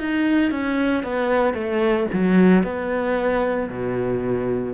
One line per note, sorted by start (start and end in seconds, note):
0.00 0.51 D#4
0.51 1.03 C#4
1.03 1.54 B3
1.54 2.07 A3
2.13 2.64 F#3
2.64 3.69 B3
3.70 4.74 B2